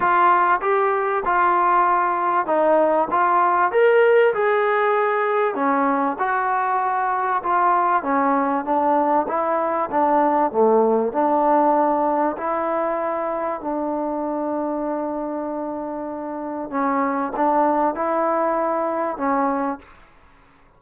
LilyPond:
\new Staff \with { instrumentName = "trombone" } { \time 4/4 \tempo 4 = 97 f'4 g'4 f'2 | dis'4 f'4 ais'4 gis'4~ | gis'4 cis'4 fis'2 | f'4 cis'4 d'4 e'4 |
d'4 a4 d'2 | e'2 d'2~ | d'2. cis'4 | d'4 e'2 cis'4 | }